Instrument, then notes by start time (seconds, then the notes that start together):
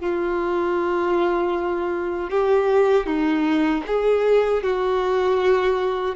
violin
0.00 F4
2.30 G4
3.06 D#4
3.86 G#4
4.63 F#4